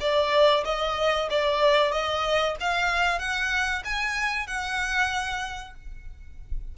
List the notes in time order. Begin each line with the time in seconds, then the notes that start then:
0.00 D5
0.64 D#5
1.30 D5
1.91 D#5
2.60 F5
3.19 F#5
3.84 G#5
4.47 F#5